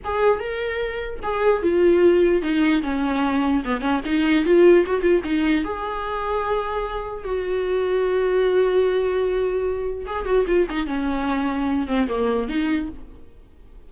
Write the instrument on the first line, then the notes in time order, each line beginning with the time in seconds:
viola
0.04 G#4
0.39 A#4
1.22 G#4
1.62 F4
2.42 D#4
2.82 C#4
3.64 B3
3.80 C#4
4.05 D#4
4.45 F4
4.86 F#4
5.01 F4
5.24 D#4
5.64 G#4
7.24 F#4
10.06 G#4
10.25 F#4
10.47 F4
10.69 D#4
10.86 C#4
11.87 C4
12.08 A#3
12.48 D#4